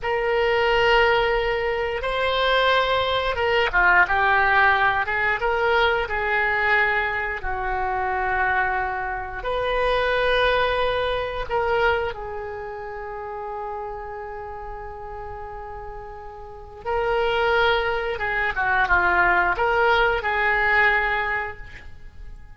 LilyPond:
\new Staff \with { instrumentName = "oboe" } { \time 4/4 \tempo 4 = 89 ais'2. c''4~ | c''4 ais'8 f'8 g'4. gis'8 | ais'4 gis'2 fis'4~ | fis'2 b'2~ |
b'4 ais'4 gis'2~ | gis'1~ | gis'4 ais'2 gis'8 fis'8 | f'4 ais'4 gis'2 | }